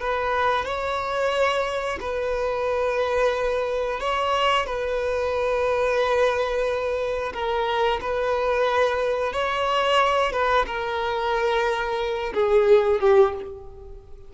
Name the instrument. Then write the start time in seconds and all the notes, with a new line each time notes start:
violin
0.00 B4
0.65 C#5
2.00 B4
4.00 C#5
4.66 B4
7.33 A#4
8.01 B4
9.32 C#5
10.32 B4
10.66 A#4
12.34 G#4
13.00 G4